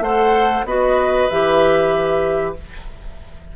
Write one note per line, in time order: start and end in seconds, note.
0.00 0.62 A3
0.00 0.66 A4
0.00 0.65 C5
0.00 0.65 F#5
0.65 1.27 B3
0.65 1.30 F#4
0.65 2.54 B4
0.65 1.29 D#5
1.29 2.56 E3
1.29 2.55 G4
1.29 2.54 E5